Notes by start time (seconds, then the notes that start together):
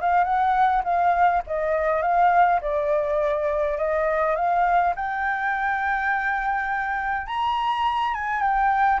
0.00 F5
0.24 F#5
0.84 F5
1.46 D#5
2.02 F5
2.61 D5
3.77 D#5
4.35 F5
4.95 G5
7.26 A#5
8.13 G#5
8.41 G5